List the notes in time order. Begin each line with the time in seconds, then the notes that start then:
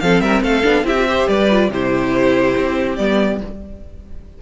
0.00 F3 C4 A4 F5
0.20 G3 A#4 E5
0.42 A3 A4 F5
0.63 B3 D4
0.83 C4 E4 G4 E5
0.99 F4
1.07 G4 C5
1.28 G3 B4 D5
1.50 F4
1.69 C3 E4 G4 C5
2.57 C4
2.96 G3 B3 D5